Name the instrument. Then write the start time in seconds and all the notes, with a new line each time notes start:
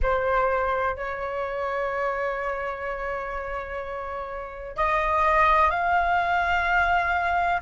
flute
0.02 C5
0.96 C#5
4.76 D#5
5.70 F5